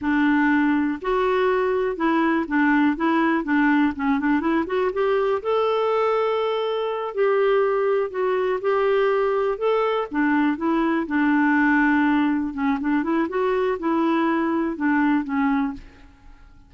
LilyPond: \new Staff \with { instrumentName = "clarinet" } { \time 4/4 \tempo 4 = 122 d'2 fis'2 | e'4 d'4 e'4 d'4 | cis'8 d'8 e'8 fis'8 g'4 a'4~ | a'2~ a'8 g'4.~ |
g'8 fis'4 g'2 a'8~ | a'8 d'4 e'4 d'4.~ | d'4. cis'8 d'8 e'8 fis'4 | e'2 d'4 cis'4 | }